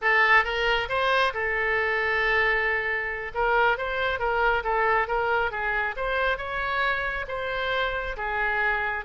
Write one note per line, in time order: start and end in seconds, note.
0.01 0.44 A4
0.44 0.88 A#4
0.88 1.33 C5
1.33 3.32 A4
3.34 3.77 A#4
3.77 4.19 C5
4.19 4.63 A#4
4.63 5.07 A4
5.07 5.51 A#4
5.51 5.95 G#4
5.96 6.37 C5
6.37 7.25 C#5
7.28 8.16 C5
8.17 9.05 G#4